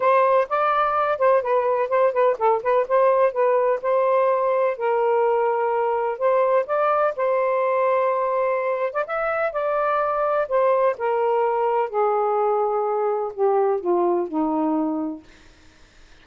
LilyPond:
\new Staff \with { instrumentName = "saxophone" } { \time 4/4 \tempo 4 = 126 c''4 d''4. c''8 b'4 | c''8 b'8 a'8 b'8 c''4 b'4 | c''2 ais'2~ | ais'4 c''4 d''4 c''4~ |
c''2~ c''8. d''16 e''4 | d''2 c''4 ais'4~ | ais'4 gis'2. | g'4 f'4 dis'2 | }